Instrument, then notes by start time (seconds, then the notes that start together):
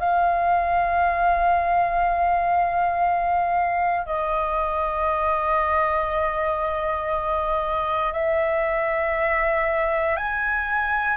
flute
0.00 F5
4.06 D#5
8.13 E5
10.16 G#5